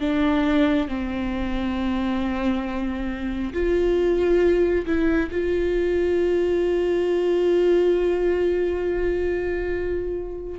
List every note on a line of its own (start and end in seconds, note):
0.00 0.88 D4
0.88 3.53 C4
3.53 4.85 F4
4.86 5.30 E4
5.31 10.59 F4